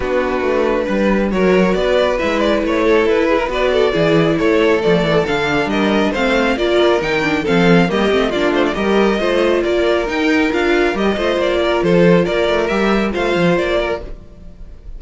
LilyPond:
<<
  \new Staff \with { instrumentName = "violin" } { \time 4/4 \tempo 4 = 137 b'2. cis''4 | d''4 e''8 d''8 cis''4 b'4 | d''2 cis''4 d''4 | f''4 dis''4 f''4 d''4 |
g''4 f''4 dis''4 d''8 c''16 d''16 | dis''2 d''4 g''4 | f''4 dis''4 d''4 c''4 | d''4 e''4 f''4 d''4 | }
  \new Staff \with { instrumentName = "violin" } { \time 4/4 fis'2 b'4 ais'4 | b'2~ b'8 a'4 gis'16 ais'16 | b'8 a'8 gis'4 a'2~ | a'4 ais'4 c''4 ais'4~ |
ais'4 a'4 g'4 f'4 | ais'4 c''4 ais'2~ | ais'4. c''4 ais'8 a'4 | ais'2 c''4. ais'8 | }
  \new Staff \with { instrumentName = "viola" } { \time 4/4 d'2. fis'4~ | fis'4 e'2. | fis'4 e'2 a4 | d'2 c'4 f'4 |
dis'8 d'8 c'4 ais8 c'8 d'4 | g'4 f'2 dis'4 | f'4 g'8 f'2~ f'8~ | f'4 g'4 f'2 | }
  \new Staff \with { instrumentName = "cello" } { \time 4/4 b4 a4 g4 fis4 | b4 gis4 a4 e'4 | b4 e4 a4 f8 e8 | d4 g4 a4 ais4 |
dis4 f4 g8 a8 ais8 a8 | g4 a4 ais4 dis'4 | d'4 g8 a8 ais4 f4 | ais8 a8 g4 a8 f8 ais4 | }
>>